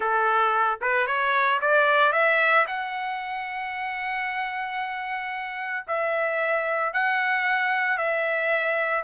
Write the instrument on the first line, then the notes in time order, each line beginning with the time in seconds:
trumpet
0.00 A4
0.81 B4
1.06 C#5
1.61 D5
2.12 E5
2.67 F#5
5.87 E5
6.93 F#5
7.97 E5